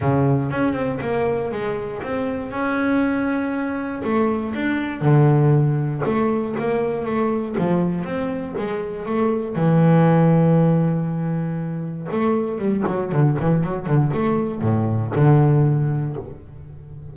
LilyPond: \new Staff \with { instrumentName = "double bass" } { \time 4/4 \tempo 4 = 119 cis4 cis'8 c'8 ais4 gis4 | c'4 cis'2. | a4 d'4 d2 | a4 ais4 a4 f4 |
c'4 gis4 a4 e4~ | e1 | a4 g8 fis8 d8 e8 fis8 d8 | a4 a,4 d2 | }